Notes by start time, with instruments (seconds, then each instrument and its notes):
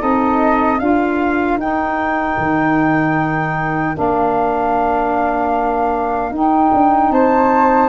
0.00 tuba C4, saxophone D#4, flute A4 D#5
0.79 tuba D4, saxophone F4, flute A#4 F5
1.58 tuba D#4, saxophone D#4, flute G5
2.38 tuba D#3
3.95 tuba A#3, saxophone D4, flute F5
6.31 tuba D#4, saxophone D#4, flute G5
6.74 tuba D4
7.11 tuba C4, flute C5 A5